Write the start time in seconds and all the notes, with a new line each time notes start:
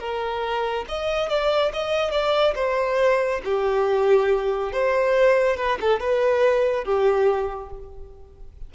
0.00 A#4
0.88 D#5
1.29 D5
1.74 D#5
2.11 D5
2.56 C5
3.44 G4
4.73 C5
5.57 B4
5.81 A4
6.00 B4
6.85 G4